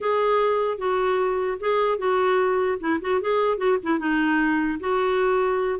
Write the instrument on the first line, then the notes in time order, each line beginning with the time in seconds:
clarinet
0.01 G#4
0.78 F#4
1.59 G#4
1.98 F#4
2.79 E4
3.01 F#4
3.21 G#4
3.57 F#4
3.83 E4
3.99 D#4
4.79 F#4